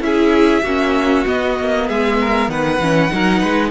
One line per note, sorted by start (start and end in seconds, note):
0.00 0.62 C#4
0.00 0.63 E4
0.00 0.63 G#4
0.00 1.27 E5
0.62 1.24 A#3
0.62 1.26 C#4
0.62 1.87 F#4
1.26 2.80 B3
1.26 1.59 B3
1.26 1.89 D#5
1.59 1.89 A#3
1.87 2.48 G#3
1.87 2.18 G#4
1.87 2.50 E5
2.21 2.51 A#4
2.48 2.79 D#3
2.48 3.12 B4
2.48 3.71 F#5
2.80 3.10 E3
2.80 3.10 C#4
3.10 3.43 F#3
3.10 3.71 D#4
3.10 3.39 A#4
3.39 3.71 G#3
3.39 3.70 B4